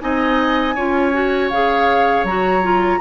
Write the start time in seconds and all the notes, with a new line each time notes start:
0.00 C4 D#4 D#5 G#5
0.75 C#4 F4 C#5
1.13 F#4
1.50 C#3 G#4 F5
2.23 F#3 F#4 A#5
2.62 F4